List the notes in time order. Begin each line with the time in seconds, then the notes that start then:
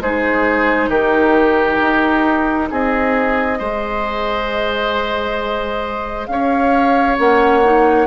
0.00 G#3 D#4 G#4 C5
0.88 D#3 G4 A#4
1.81 D#4
2.70 C4 G#4 D#5
3.58 G#3 G#4 C5
6.26 C#4 C#5 F5
7.18 A#3 C#4 F#5
7.63 D#4